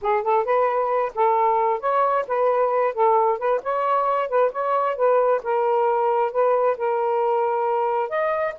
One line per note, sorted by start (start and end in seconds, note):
0.01 0.23 G#4
0.23 0.44 A4
0.44 1.12 B4
1.15 1.79 A4
1.79 2.25 C#5
2.27 2.94 B4
2.94 3.38 A4
3.38 3.60 B4
3.62 4.29 C#5
4.29 4.51 B4
4.51 4.96 C#5
4.96 5.41 B4
5.43 6.31 A#4
6.31 6.76 B4
6.77 8.09 A#4
8.09 8.54 D#5